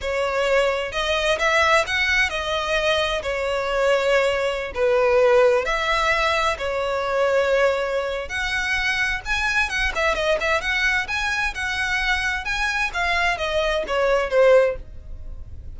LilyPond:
\new Staff \with { instrumentName = "violin" } { \time 4/4 \tempo 4 = 130 cis''2 dis''4 e''4 | fis''4 dis''2 cis''4~ | cis''2~ cis''16 b'4.~ b'16~ | b'16 e''2 cis''4.~ cis''16~ |
cis''2 fis''2 | gis''4 fis''8 e''8 dis''8 e''8 fis''4 | gis''4 fis''2 gis''4 | f''4 dis''4 cis''4 c''4 | }